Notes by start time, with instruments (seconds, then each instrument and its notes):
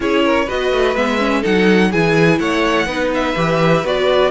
0.00 cello C#4, viola E4, violin G#4 C#5
0.25 violin A#4
0.45 cello B3, viola F#4, violin B4 D#5
0.72 cello A3
0.95 cello G#3, viola B3, violin E5
1.19 viola C#4
1.40 cello F#3, viola D#4, violin A4 F#5
1.91 cello E3, viola E4, violin G#4 G#5
2.38 cello A3, violin C#5 F#5
2.86 cello B3, viola D#4, violin B4
3.13 violin E5
3.36 cello E3, viola G4
3.84 cello B3, viola F#4, violin D5